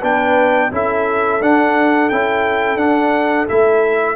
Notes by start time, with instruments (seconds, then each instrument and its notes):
0.00 tuba B3, trombone D4, horn B4, trumpet G5
0.72 tuba C#4, trombone E4, horn A4, trumpet E5
1.41 tuba D4, trombone D4, trumpet F#5
2.09 tuba C#4, trombone E4, trumpet G5
2.76 tuba D4, trombone D4, trumpet F#5
3.48 tuba A3, trombone E4, trumpet E5